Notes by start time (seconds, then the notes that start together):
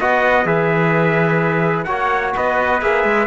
0.00 B3 F#4 D#5 F#5
0.45 E3 G#4 B4 E5
1.84 A#3 F#4 C#5 F#5
2.36 B3 B4 D#5
2.81 A#3 G#4 E5
3.04 G#3